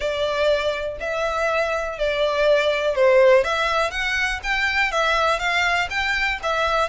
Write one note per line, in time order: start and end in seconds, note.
0.00 0.97 D5
1.00 1.98 E5
1.98 2.95 D5
2.95 3.44 C5
3.44 3.91 E5
3.91 4.40 F#5
4.43 4.91 G5
4.91 5.39 E5
5.39 5.88 F5
5.90 6.39 G5
6.42 6.88 E5